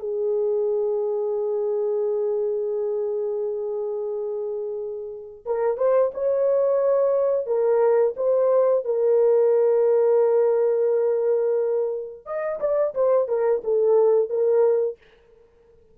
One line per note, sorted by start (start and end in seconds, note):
0.00 5.45 G#4
5.46 5.78 A#4
5.78 6.12 C5
6.15 7.47 C#5
7.47 8.15 A#4
8.17 8.85 C5
8.85 12.26 A#4
12.26 12.60 D#5
12.60 12.95 D5
12.95 13.29 C5
13.29 13.63 A#4
13.65 14.30 A4
14.30 14.98 A#4